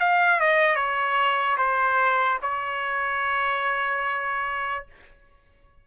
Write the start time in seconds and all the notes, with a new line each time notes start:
0.00 F5
0.41 D#5
0.76 C#5
1.58 C5
2.43 C#5